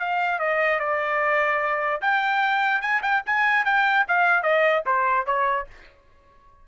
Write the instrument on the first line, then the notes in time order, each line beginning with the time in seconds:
trumpet
0.00 F5
0.39 D#5
0.80 D5
2.02 G5
2.82 G#5
3.03 G5
3.26 G#5
3.66 G5
4.08 F5
4.43 D#5
4.86 C5
5.27 C#5